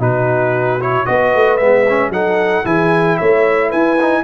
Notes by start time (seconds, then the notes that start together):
0.00 B2 D#4 F#4 B4
0.81 E4 C#5
1.06 B3 F#4 B4 D#5
1.35 A3
1.58 G#3 B3 E5
1.89 C#4
2.10 F#3 D#4 A4 F#5
2.65 E3 E4 G#4 G#5
3.18 A3 C#5 E5
3.69 E4 B4 G#5
4.02 D#4